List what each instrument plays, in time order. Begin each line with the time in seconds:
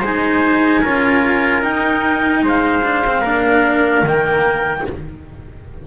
0.00 double bass G#3, cello D#4, trumpet C5, clarinet G#5
0.81 double bass C#4, cello F4, trumpet A#4
1.61 cello D#4, double bass D#4, clarinet G5
2.42 double bass G#3, trumpet C5, clarinet F5
2.83 cello D4
3.06 cello C4
3.21 double bass A#3, cello D4, trumpet A#4
4.02 double bass D#3, cello A#3, clarinet G5